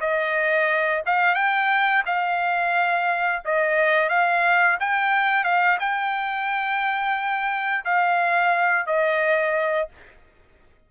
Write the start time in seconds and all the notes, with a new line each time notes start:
0.00 D#5
1.06 F5
1.35 G5
2.06 F5
3.44 D#5
4.09 F5
4.80 G5
5.44 F5
5.79 G5
7.84 F5
8.86 D#5